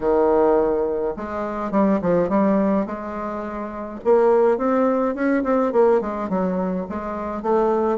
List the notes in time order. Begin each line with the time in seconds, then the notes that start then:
0.00 D#3
1.16 G#3
1.71 G3
2.01 F3
2.29 G3
2.85 G#3
4.04 A#3
4.57 C4
5.14 C#4
5.43 C4
5.72 A#3
6.01 G#3
6.29 F#3
6.89 G#3
7.42 A3